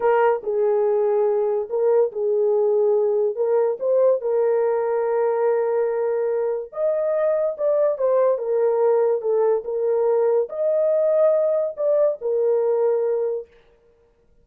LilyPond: \new Staff \with { instrumentName = "horn" } { \time 4/4 \tempo 4 = 143 ais'4 gis'2. | ais'4 gis'2. | ais'4 c''4 ais'2~ | ais'1 |
dis''2 d''4 c''4 | ais'2 a'4 ais'4~ | ais'4 dis''2. | d''4 ais'2. | }